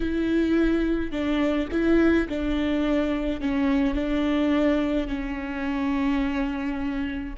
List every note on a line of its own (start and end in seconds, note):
0.00 1.11 E4
1.11 1.68 D4
1.71 2.28 E4
2.28 3.40 D4
3.40 3.94 C#4
3.94 5.07 D4
5.07 7.34 C#4